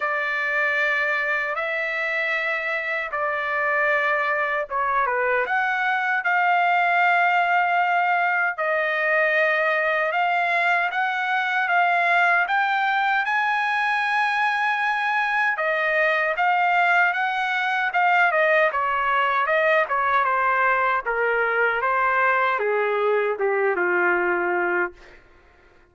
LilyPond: \new Staff \with { instrumentName = "trumpet" } { \time 4/4 \tempo 4 = 77 d''2 e''2 | d''2 cis''8 b'8 fis''4 | f''2. dis''4~ | dis''4 f''4 fis''4 f''4 |
g''4 gis''2. | dis''4 f''4 fis''4 f''8 dis''8 | cis''4 dis''8 cis''8 c''4 ais'4 | c''4 gis'4 g'8 f'4. | }